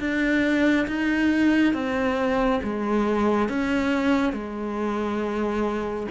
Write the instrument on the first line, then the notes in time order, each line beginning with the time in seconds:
cello
0.00 D4
0.87 D#4
1.74 C4
2.64 G#3
3.49 C#4
4.33 G#3